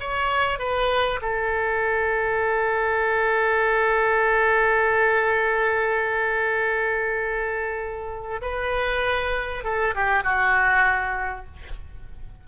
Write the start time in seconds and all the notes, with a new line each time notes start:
0.00 C#5
0.59 B4
1.22 A4
8.42 B4
9.64 A4
9.95 G4
10.24 F#4